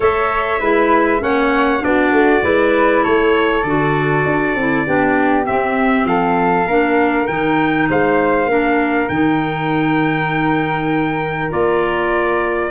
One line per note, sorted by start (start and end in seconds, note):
0.00 0.60 A3
0.00 0.60 A4
0.00 0.60 C#5
0.00 1.23 E5
0.60 1.21 G#3
0.60 1.19 E4
0.60 1.20 B4
1.19 1.82 A#3
1.19 1.80 C#4
1.19 1.83 C#5
1.19 1.83 F#5
1.80 2.11 B3
1.80 2.40 D4
1.80 2.44 F#4
1.80 3.04 D5
2.11 2.42 A3
2.41 3.03 G#3
2.41 3.62 E4
2.41 3.03 B4
3.03 3.63 A3
3.03 4.85 A4
3.03 3.63 C#5
3.63 4.24 D3
3.63 4.57 F#4
3.63 5.45 D5
4.24 4.55 D4
4.55 4.85 C4
4.55 4.86 E4
4.86 5.47 B3
4.86 5.44 D4
4.86 6.07 G4
5.44 6.65 C4
5.44 6.04 C4
5.44 6.06 E5
6.04 6.65 F3
6.04 6.67 A4
6.04 7.27 F5
6.66 7.27 A#3
6.66 7.28 D4
6.66 7.88 A#4
7.27 7.88 D#3
7.27 8.48 D#4
7.27 7.87 G5
7.89 8.45 G#3
7.89 8.50 C5
7.89 9.08 F5
8.45 9.06 A#3
8.45 9.09 D4
8.45 12.70 A#4
9.08 11.51 D#3
9.08 11.49 D#4
9.08 11.51 G5
11.49 12.70 A#3
11.49 12.70 F4
11.49 12.70 D5